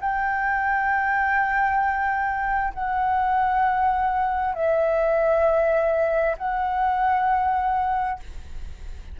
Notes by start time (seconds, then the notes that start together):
0.00 G5
2.74 F#5
4.54 E5
6.37 F#5